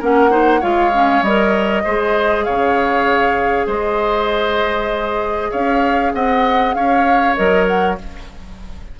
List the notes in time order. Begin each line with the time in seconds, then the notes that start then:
0.00 A#3 C#4 A#4 F#5
0.30 D#4 C5
0.60 G#3 F4 C#5 F5
0.94 C#4
1.22 G3 A#4 D#5
1.84 G#3 G#4 C5
2.44 C#3 C#5 F5
3.67 G#3 C5 D#5
5.51 C#4 C#5 F5
6.14 C4 D#5 F#5
6.74 C#4 C#5 F5
7.36 F#3 A#4 D#5
7.68 F#5